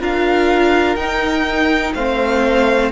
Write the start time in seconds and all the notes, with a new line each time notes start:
0.00 D4 F4 A#4 F5
0.96 D#4 G5
1.95 A3 C4 C5 F5